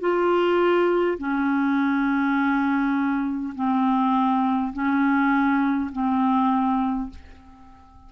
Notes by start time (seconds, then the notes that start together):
0.00 F4
1.18 C#4
3.55 C4
4.73 C#4
5.92 C4